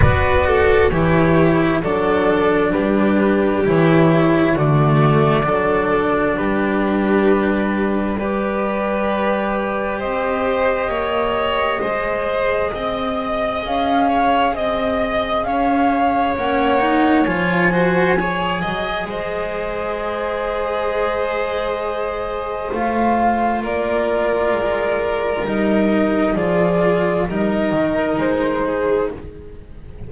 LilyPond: <<
  \new Staff \with { instrumentName = "flute" } { \time 4/4 \tempo 4 = 66 d''4 cis''4 d''4 b'4 | cis''4 d''2 b'4~ | b'4 d''2 dis''4~ | dis''2. f''4 |
dis''4 f''4 fis''4 gis''4~ | gis''4 dis''2.~ | dis''4 f''4 d''2 | dis''4 d''4 dis''4 c''4 | }
  \new Staff \with { instrumentName = "violin" } { \time 4/4 b'8 a'8 g'4 a'4 g'4~ | g'4 fis'4 a'4 g'4~ | g'4 b'2 c''4 | cis''4 c''4 dis''4. cis''8 |
dis''4 cis''2~ cis''8 c''8 | cis''8 dis''8 c''2.~ | c''2 ais'2~ | ais'4 gis'4 ais'4. gis'8 | }
  \new Staff \with { instrumentName = "cello" } { \time 4/4 fis'4 e'4 d'2 | e'4 a4 d'2~ | d'4 g'2.~ | g'4 gis'2.~ |
gis'2 cis'8 dis'8 f'8 fis'8 | gis'1~ | gis'4 f'2. | dis'4 f'4 dis'2 | }
  \new Staff \with { instrumentName = "double bass" } { \time 4/4 b4 e4 fis4 g4 | e4 d4 fis4 g4~ | g2. c'4 | ais4 gis4 c'4 cis'4 |
c'4 cis'4 ais4 f4~ | f8 fis8 gis2.~ | gis4 a4 ais4 gis4 | g4 f4 g8 dis8 gis4 | }
>>